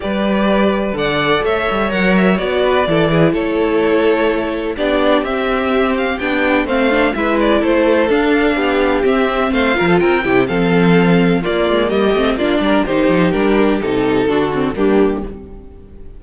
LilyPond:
<<
  \new Staff \with { instrumentName = "violin" } { \time 4/4 \tempo 4 = 126 d''2 fis''4 e''4 | fis''8 e''8 d''2 cis''4~ | cis''2 d''4 e''4~ | e''8 f''8 g''4 f''4 e''8 d''8 |
c''4 f''2 e''4 | f''4 g''4 f''2 | d''4 dis''4 d''4 c''4 | ais'4 a'2 g'4 | }
  \new Staff \with { instrumentName = "violin" } { \time 4/4 b'2 d''4 cis''4~ | cis''4. b'8 a'8 gis'8 a'4~ | a'2 g'2~ | g'2 c''4 b'4 |
a'2 g'2 | c''8 ais'16 a'16 ais'8 g'8 a'2 | f'4 g'4 f'8 ais'8 g'4~ | g'2 fis'4 d'4 | }
  \new Staff \with { instrumentName = "viola" } { \time 4/4 g'2 a'2 | ais'4 fis'4 e'2~ | e'2 d'4 c'4~ | c'4 d'4 c'8 d'8 e'4~ |
e'4 d'2 c'4~ | c'8 f'4 e'8 c'2 | ais4. c'8 d'4 dis'4 | d'4 dis'4 d'8 c'8 ais4 | }
  \new Staff \with { instrumentName = "cello" } { \time 4/4 g2 d4 a8 g8 | fis4 b4 e4 a4~ | a2 b4 c'4~ | c'4 b4 a4 gis4 |
a4 d'4 b4 c'4 | a8 f8 c'8 c8 f2 | ais8 gis8 g8 a8 ais8 g8 dis8 f8 | g4 c4 d4 g4 | }
>>